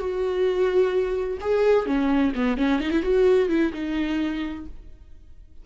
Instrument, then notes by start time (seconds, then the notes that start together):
viola
0.00 F#4
1.41 G#4
1.87 C#4
2.36 B3
2.58 C#4
2.80 D#4
2.91 E4
3.03 F#4
3.50 E4
3.74 D#4